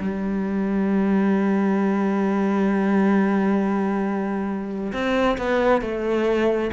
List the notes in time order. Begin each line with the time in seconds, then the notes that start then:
0.00 G3
4.93 C4
5.38 B3
5.82 A3